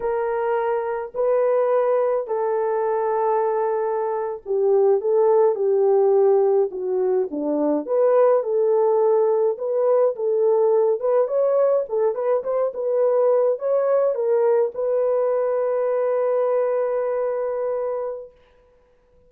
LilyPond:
\new Staff \with { instrumentName = "horn" } { \time 4/4 \tempo 4 = 105 ais'2 b'2 | a'2.~ a'8. g'16~ | g'8. a'4 g'2 fis'16~ | fis'8. d'4 b'4 a'4~ a'16~ |
a'8. b'4 a'4. b'8 cis''16~ | cis''8. a'8 b'8 c''8 b'4. cis''16~ | cis''8. ais'4 b'2~ b'16~ | b'1 | }